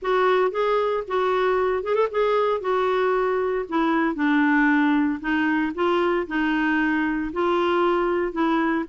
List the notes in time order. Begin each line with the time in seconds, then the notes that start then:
0.02 F#4
0.51 G#4
1.07 F#4
1.83 G#4
1.94 A4
2.11 G#4
2.61 F#4
3.68 E4
4.15 D4
5.20 D#4
5.74 F4
6.27 D#4
7.32 F4
8.32 E4